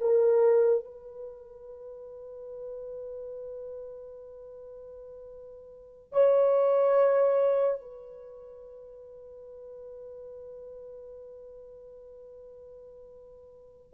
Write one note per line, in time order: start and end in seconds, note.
0.00 0.85 A#4
0.85 6.12 B4
6.12 7.81 C#5
7.81 13.94 B4